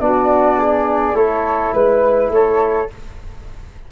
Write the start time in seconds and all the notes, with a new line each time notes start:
0.00 B3 D4 F#4 D5
0.59 G#4
1.14 A3 E4 A4 C#5
1.74 G#3 B4
2.30 A3 A4 C#5